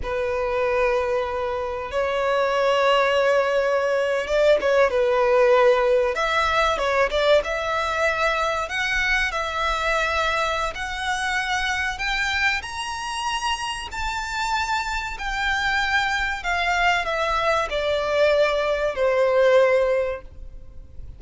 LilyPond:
\new Staff \with { instrumentName = "violin" } { \time 4/4 \tempo 4 = 95 b'2. cis''4~ | cis''2~ cis''8. d''8 cis''8 b'16~ | b'4.~ b'16 e''4 cis''8 d''8 e''16~ | e''4.~ e''16 fis''4 e''4~ e''16~ |
e''4 fis''2 g''4 | ais''2 a''2 | g''2 f''4 e''4 | d''2 c''2 | }